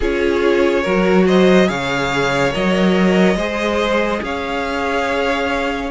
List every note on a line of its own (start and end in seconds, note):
0.00 0.85 C#4
0.00 0.84 F4
0.00 0.82 G#4
0.00 1.27 C#5
0.82 1.69 F#3
0.82 1.66 F#4
0.82 1.24 A#4
1.26 1.68 C5
1.26 1.68 D#5
1.66 2.53 C#3
1.66 2.51 G#4
1.66 3.36 C#5
1.66 2.53 F5
2.52 3.35 F#3
2.52 3.37 A#4
2.52 4.23 D#5
3.35 4.20 G#3
3.35 5.91 G#4
3.35 4.21 C5
4.22 5.91 C#4
4.22 5.91 C#5
4.22 5.91 F5